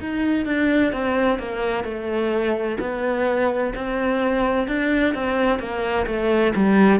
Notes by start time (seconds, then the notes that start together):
0.00 D#4
0.45 D4
0.92 C4
1.38 A#3
1.84 A3
2.79 B3
3.75 C4
4.67 D4
5.14 C4
5.59 A#3
6.06 A3
6.55 G3